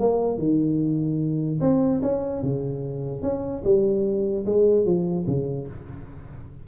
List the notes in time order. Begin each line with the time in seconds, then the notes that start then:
0.00 A#3
0.38 D#3
1.61 C4
2.02 C#4
2.43 C#3
3.22 C#4
3.64 G3
4.46 G#3
4.86 F3
5.27 C#3